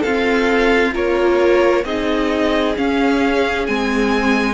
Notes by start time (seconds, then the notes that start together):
0.00 C4 F4 A4 F5
0.93 A#3 F4 A#4 C#5
1.84 C4 D#4 G#4 D#5
2.76 C#4 F5
3.67 G#3 C4 G#5